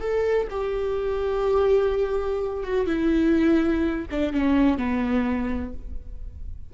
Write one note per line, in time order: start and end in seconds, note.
0.00 0.48 A4
0.50 2.63 G4
2.63 2.87 F#4
2.87 4.06 E4
4.11 4.33 D4
4.33 4.78 C#4
4.78 5.73 B3